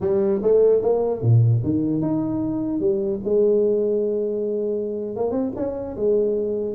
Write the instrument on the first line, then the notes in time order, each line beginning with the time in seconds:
tuba
0.00 G3
0.42 A3
0.81 A#3
1.21 A#2
1.63 D#3
2.01 D#4
2.79 G3
3.24 G#3
5.15 A#3
5.31 C4
5.56 C#4
5.96 G#3